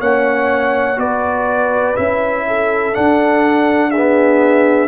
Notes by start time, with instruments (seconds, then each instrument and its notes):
0.00 tuba A#3, trombone C#4, horn C#5, trumpet F#5
0.96 tuba B3, trombone F#4, horn B4, trumpet D5
1.96 tuba C#4, trombone E4, trumpet E5
2.47 horn A4
2.93 trombone D4, tuba D4, trumpet F#5
3.90 trombone B3, horn G#4, trumpet E5